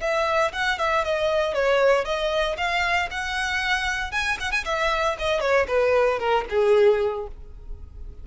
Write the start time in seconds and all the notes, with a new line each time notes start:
0.00 E5
0.52 F#5
0.78 E5
1.04 D#5
1.54 C#5
2.04 D#5
2.57 F5
3.11 F#5
4.11 G#5
4.39 F#5
4.51 G#5
4.64 E5
5.19 D#5
5.40 C#5
5.67 B4
6.19 A#4
6.49 G#4